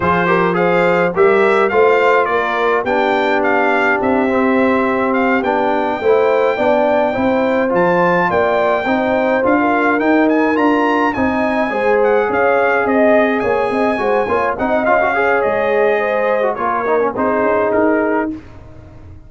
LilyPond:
<<
  \new Staff \with { instrumentName = "trumpet" } { \time 4/4 \tempo 4 = 105 c''4 f''4 e''4 f''4 | d''4 g''4 f''4 e''4~ | e''4 f''8 g''2~ g''8~ | g''4. a''4 g''4.~ |
g''8 f''4 g''8 gis''8 ais''4 gis''8~ | gis''4 fis''8 f''4 dis''4 gis''8~ | gis''4. fis''8 f''4 dis''4~ | dis''4 cis''4 c''4 ais'4 | }
  \new Staff \with { instrumentName = "horn" } { \time 4/4 gis'8 ais'8 c''4 ais'4 c''4 | ais'4 g'2.~ | g'2~ g'8 c''4 d''8~ | d''8 c''2 d''4 c''8~ |
c''8. ais'2~ ais'8. dis''8~ | dis''8 c''4 cis''4 dis''4 cis''8 | dis''8 c''8 cis''8 dis''4 cis''4. | c''4 ais'4 gis'2 | }
  \new Staff \with { instrumentName = "trombone" } { \time 4/4 f'8 g'8 gis'4 g'4 f'4~ | f'4 d'2~ d'8 c'8~ | c'4. d'4 e'4 d'8~ | d'8 e'4 f'2 dis'8~ |
dis'8 f'4 dis'4 f'4 dis'8~ | dis'8 gis'2.~ gis'8~ | gis'8 fis'8 f'8 dis'8 f'16 fis'16 gis'4.~ | gis'8. fis'16 f'8 dis'16 cis'16 dis'2 | }
  \new Staff \with { instrumentName = "tuba" } { \time 4/4 f2 g4 a4 | ais4 b2 c'4~ | c'4. b4 a4 b8~ | b8 c'4 f4 ais4 c'8~ |
c'8 d'4 dis'4 d'4 c'8~ | c'8 gis4 cis'4 c'4 ais8 | c'8 gis8 ais8 c'8 cis'4 gis4~ | gis4 ais4 c'8 cis'8 dis'4 | }
>>